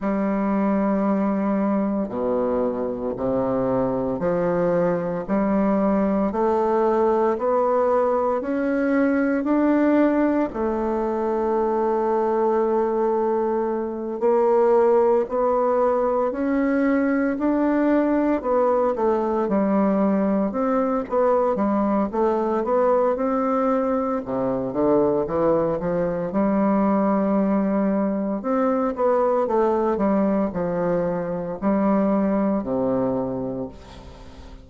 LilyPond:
\new Staff \with { instrumentName = "bassoon" } { \time 4/4 \tempo 4 = 57 g2 b,4 c4 | f4 g4 a4 b4 | cis'4 d'4 a2~ | a4. ais4 b4 cis'8~ |
cis'8 d'4 b8 a8 g4 c'8 | b8 g8 a8 b8 c'4 c8 d8 | e8 f8 g2 c'8 b8 | a8 g8 f4 g4 c4 | }